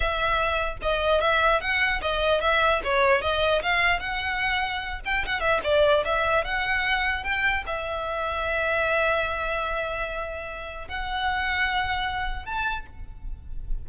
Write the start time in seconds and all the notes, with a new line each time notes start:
0.00 E5
0.82 D#5
1.21 E5
1.60 F#5
2.01 D#5
2.41 E5
2.84 C#5
3.21 D#5
3.62 F5
3.99 F#5
5.05 G5
5.26 F#5
5.40 E5
5.63 D5
6.04 E5
6.44 F#5
7.23 G5
7.66 E5
10.87 F#5
12.45 A5